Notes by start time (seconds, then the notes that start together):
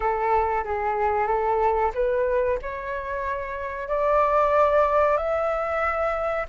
0.00 A4
0.64 G#4
1.27 A4
1.94 B4
2.61 C#5
3.88 D5
5.17 E5